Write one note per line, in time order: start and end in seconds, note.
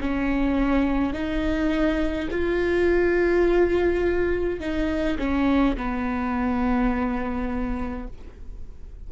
0.00 1.13 C#4
1.13 2.29 D#4
2.31 4.60 F4
4.60 5.18 D#4
5.18 5.76 C#4
5.77 8.08 B3